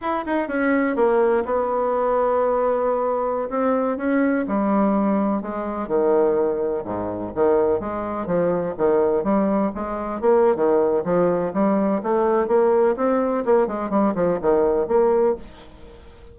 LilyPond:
\new Staff \with { instrumentName = "bassoon" } { \time 4/4 \tempo 4 = 125 e'8 dis'8 cis'4 ais4 b4~ | b2.~ b16 c'8.~ | c'16 cis'4 g2 gis8.~ | gis16 dis2 gis,4 dis8.~ |
dis16 gis4 f4 dis4 g8.~ | g16 gis4 ais8. dis4 f4 | g4 a4 ais4 c'4 | ais8 gis8 g8 f8 dis4 ais4 | }